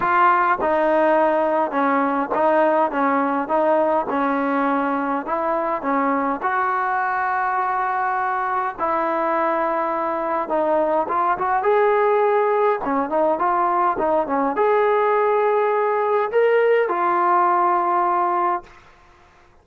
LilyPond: \new Staff \with { instrumentName = "trombone" } { \time 4/4 \tempo 4 = 103 f'4 dis'2 cis'4 | dis'4 cis'4 dis'4 cis'4~ | cis'4 e'4 cis'4 fis'4~ | fis'2. e'4~ |
e'2 dis'4 f'8 fis'8 | gis'2 cis'8 dis'8 f'4 | dis'8 cis'8 gis'2. | ais'4 f'2. | }